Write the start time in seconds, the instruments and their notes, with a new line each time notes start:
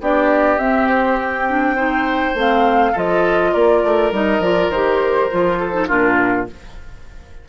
0.00 bassoon B3, clarinet D4, oboe G4, flute D5
0.58 bassoon C4, clarinet C4, flute E5
0.88 flute C5
1.19 flute G5
1.48 clarinet D4
1.76 clarinet D#4, oboe C5
2.34 bassoon A3, clarinet C4, flute F5
2.92 bassoon F3, clarinet F4, oboe A4, flute D#5
3.53 bassoon A#3, oboe A#4, flute D5
3.83 bassoon A3
4.11 bassoon G3, clarinet D#4, flute D#5
4.39 bassoon F3, clarinet F4, flute D5
4.69 bassoon D#3, clarinet G4, flute C5
5.30 bassoon F3, clarinet F4
5.59 oboe A4
5.72 clarinet D#4
5.88 bassoon A#2, clarinet D4, oboe F4, flute A#4